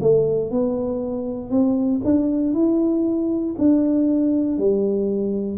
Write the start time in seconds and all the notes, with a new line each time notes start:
0.00 A3
0.50 B3
1.50 C4
2.04 D4
2.53 E4
3.57 D4
4.58 G3